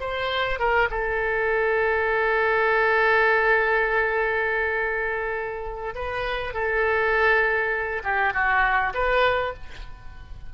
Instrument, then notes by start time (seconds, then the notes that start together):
oboe
0.00 C5
0.59 A#4
0.90 A4
5.95 B4
6.54 A4
8.04 G4
8.34 F#4
8.94 B4